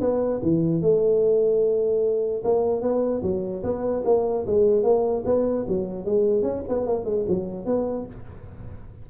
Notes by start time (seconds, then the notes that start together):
0.00 B3
0.42 E3
0.81 A3
2.44 A#3
2.81 B3
3.22 F#3
3.63 B3
4.05 A#3
4.46 G#3
4.83 A#3
5.25 B3
5.68 F#3
6.05 G#3
6.42 C#4
6.68 B3
6.86 A#3
7.05 G#3
7.28 F#3
7.65 B3